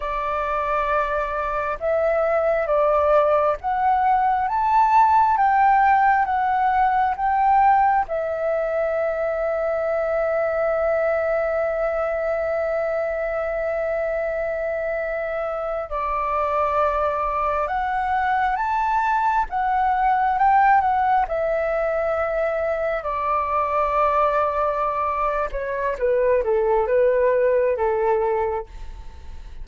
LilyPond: \new Staff \with { instrumentName = "flute" } { \time 4/4 \tempo 4 = 67 d''2 e''4 d''4 | fis''4 a''4 g''4 fis''4 | g''4 e''2.~ | e''1~ |
e''4.~ e''16 d''2 fis''16~ | fis''8. a''4 fis''4 g''8 fis''8 e''16~ | e''4.~ e''16 d''2~ d''16~ | d''8 cis''8 b'8 a'8 b'4 a'4 | }